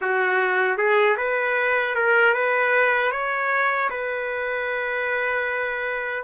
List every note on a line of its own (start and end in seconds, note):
0.01 0.77 F#4
0.77 1.16 G#4
1.17 1.95 B4
1.95 2.33 A#4
2.33 3.11 B4
3.11 3.89 C#5
3.90 6.23 B4